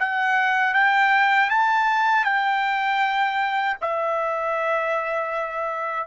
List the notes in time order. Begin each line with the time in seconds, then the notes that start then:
0.00 F#5
0.74 G5
1.50 A5
2.25 G5
3.81 E5